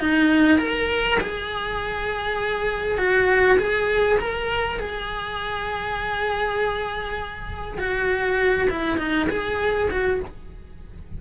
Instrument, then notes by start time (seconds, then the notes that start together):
cello
0.00 D#4
0.58 A#4
1.21 G#4
2.98 F#4
3.58 G#4
4.19 A#4
4.79 G#4
7.78 F#4
8.70 E4
8.98 D#4
9.29 G#4
9.91 F#4